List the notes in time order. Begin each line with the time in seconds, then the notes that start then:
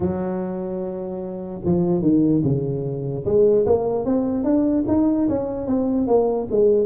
0.00 F#3
1.64 F3
2.01 D#3
2.43 C#3
3.25 G#3
3.66 A#3
4.05 C4
4.44 D4
4.87 D#4
5.29 C#4
5.66 C4
6.07 A#3
6.50 G#3